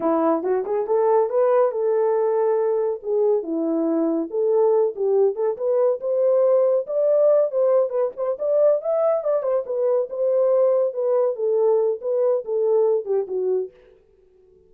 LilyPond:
\new Staff \with { instrumentName = "horn" } { \time 4/4 \tempo 4 = 140 e'4 fis'8 gis'8 a'4 b'4 | a'2. gis'4 | e'2 a'4. g'8~ | g'8 a'8 b'4 c''2 |
d''4. c''4 b'8 c''8 d''8~ | d''8 e''4 d''8 c''8 b'4 c''8~ | c''4. b'4 a'4. | b'4 a'4. g'8 fis'4 | }